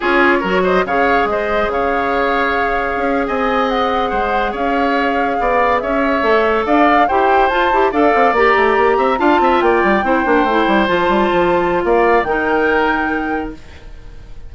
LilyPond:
<<
  \new Staff \with { instrumentName = "flute" } { \time 4/4 \tempo 4 = 142 cis''4. dis''8 f''4 dis''4 | f''2.~ f''8. gis''16~ | gis''8. fis''2 f''4~ f''16~ | f''4.~ f''16 e''2 f''16~ |
f''8. g''4 a''4 f''4 ais''16~ | ais''4.~ ais''16 a''4 g''4~ g''16~ | g''4.~ g''16 a''2~ a''16 | f''4 g''2. | }
  \new Staff \with { instrumentName = "oboe" } { \time 4/4 gis'4 ais'8 c''8 cis''4 c''4 | cis''2.~ cis''8. dis''16~ | dis''4.~ dis''16 c''4 cis''4~ cis''16~ | cis''8. d''4 cis''2 d''16~ |
d''8. c''2 d''4~ d''16~ | d''4~ d''16 e''8 f''8 e''8 d''4 c''16~ | c''1 | d''4 ais'2. | }
  \new Staff \with { instrumentName = "clarinet" } { \time 4/4 f'4 fis'4 gis'2~ | gis'1~ | gis'1~ | gis'2~ gis'8. a'4~ a'16~ |
a'8. g'4 f'8 g'8 a'4 g'16~ | g'4.~ g'16 f'2 e'16~ | e'16 d'8 e'4 f'2~ f'16~ | f'4 dis'2. | }
  \new Staff \with { instrumentName = "bassoon" } { \time 4/4 cis'4 fis4 cis4 gis4 | cis2. cis'8. c'16~ | c'4.~ c'16 gis4 cis'4~ cis'16~ | cis'8. b4 cis'4 a4 d'16~ |
d'8. e'4 f'8 e'8 d'8 c'8 ais16~ | ais16 a8 ais8 c'8 d'8 c'8 ais8 g8 c'16~ | c'16 ais8 a8 g8 f8 g8 f4~ f16 | ais4 dis2. | }
>>